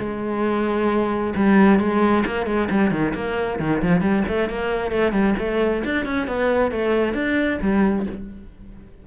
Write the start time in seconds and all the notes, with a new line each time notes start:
0.00 G#3
1.36 G3
1.80 G#3
2.27 A#3
2.47 G#3
2.71 G3
2.92 D#3
3.15 A#3
3.60 D#3
3.83 F3
4.02 G3
4.29 A3
4.50 A#3
4.92 A3
5.13 G3
5.39 A3
5.85 D4
6.06 C#4
6.28 B3
6.72 A3
7.14 D4
7.62 G3